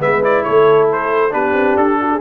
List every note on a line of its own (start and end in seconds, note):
0.00 0.44 G#3
0.00 0.22 B3
0.00 0.45 B4
0.00 0.24 E5
0.22 1.31 E4
0.22 0.44 D5
0.44 1.34 A3
0.44 1.33 A4
0.44 0.88 C#5
0.92 1.33 C5
1.31 1.54 B3
1.31 2.19 D4
1.31 1.99 G4
1.31 1.77 B4
1.54 1.76 C4
1.77 2.21 D4
1.77 2.21 A4
2.01 2.12 F#4
2.12 2.21 G#4